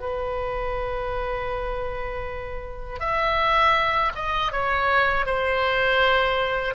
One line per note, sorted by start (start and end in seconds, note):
0.00 3.00 B4
3.00 4.12 E5
4.15 4.52 D#5
4.52 5.26 C#5
5.26 6.74 C5